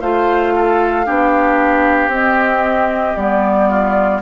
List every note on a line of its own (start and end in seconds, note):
0.00 1.07 A3
0.00 1.05 F4
0.00 0.53 C5
0.00 2.11 F5
0.55 1.06 A4
1.05 2.07 B3
1.05 2.10 D4
1.05 3.69 G4
2.07 3.12 C4
2.07 3.16 C4
2.07 3.16 D#5
3.16 4.21 G3
3.16 4.21 B3
3.16 4.21 D5
3.69 4.21 F4